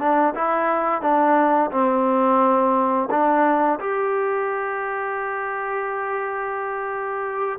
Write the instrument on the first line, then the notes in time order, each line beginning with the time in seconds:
trombone
0.00 D4
0.35 E4
1.02 D4
1.71 C4
3.11 D4
3.80 G4